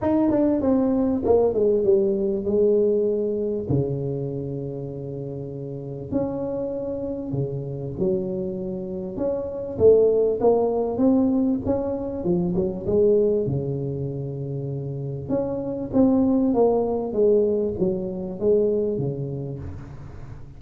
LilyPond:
\new Staff \with { instrumentName = "tuba" } { \time 4/4 \tempo 4 = 98 dis'8 d'8 c'4 ais8 gis8 g4 | gis2 cis2~ | cis2 cis'2 | cis4 fis2 cis'4 |
a4 ais4 c'4 cis'4 | f8 fis8 gis4 cis2~ | cis4 cis'4 c'4 ais4 | gis4 fis4 gis4 cis4 | }